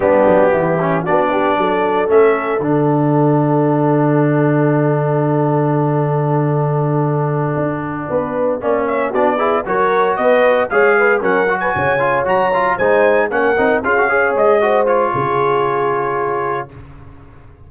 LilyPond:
<<
  \new Staff \with { instrumentName = "trumpet" } { \time 4/4 \tempo 4 = 115 g'2 d''2 | e''4 fis''2.~ | fis''1~ | fis''1~ |
fis''4 e''8 d''4 cis''4 dis''8~ | dis''8 f''4 fis''8. gis''4~ gis''16 ais''8~ | ais''8 gis''4 fis''4 f''4 dis''8~ | dis''8 cis''2.~ cis''8 | }
  \new Staff \with { instrumentName = "horn" } { \time 4/4 d'4 e'4 fis'8 g'8 a'4~ | a'1~ | a'1~ | a'2.~ a'8 b'8~ |
b'8 d''8 cis''8 fis'8 gis'8 ais'4 b'8~ | b'8 cis''8 b'8 ais'8. b'16 cis''4.~ | cis''8 c''4 ais'4 gis'8 cis''4 | c''4 gis'2. | }
  \new Staff \with { instrumentName = "trombone" } { \time 4/4 b4. cis'8 d'2 | cis'4 d'2.~ | d'1~ | d'1~ |
d'8 cis'4 d'8 e'8 fis'4.~ | fis'8 gis'4 cis'8 fis'4 f'8 fis'8 | f'8 dis'4 cis'8 dis'8 f'16 fis'16 gis'4 | fis'8 f'2.~ f'8 | }
  \new Staff \with { instrumentName = "tuba" } { \time 4/4 g8 fis8 e4 b4 fis4 | a4 d2.~ | d1~ | d2~ d8 d'4 b8~ |
b8 ais4 b4 fis4 b8~ | b8 gis4 fis4 cis4 fis8~ | fis8 gis4 ais8 c'8 cis'4 gis8~ | gis4 cis2. | }
>>